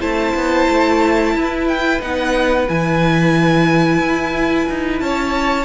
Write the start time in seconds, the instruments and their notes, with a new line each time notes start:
0.00 cello A3, viola E4, violin C5 A5
0.35 cello B3
0.70 cello A3
1.35 cello E4, violin B4
1.68 violin G5
2.00 cello B3, viola D#4, violin F#5
2.68 cello E3, viola E4, violin G#5
3.99 cello E4
4.70 cello D#4
5.00 cello C#4, violin C#5 A5